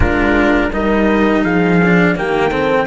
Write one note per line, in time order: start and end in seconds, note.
0.00 0.69 G#3
0.00 0.71 D4
0.00 0.71 F4
0.00 0.72 A#4
0.72 1.44 G3
0.72 1.81 D#4
0.72 1.43 A#4
0.72 1.44 D#5
1.43 2.16 F3
1.43 2.15 G#4
1.43 2.16 F5
1.83 2.15 D4
2.15 2.87 D#3
2.15 2.51 A#3
2.15 2.51 G4
2.15 2.87 G5
2.51 2.87 C4
2.51 2.87 A4